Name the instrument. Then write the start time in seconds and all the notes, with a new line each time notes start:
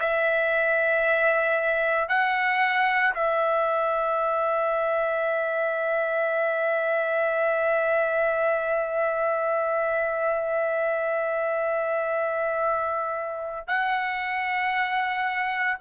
trumpet
0.00 E5
2.09 F#5
3.14 E5
13.67 F#5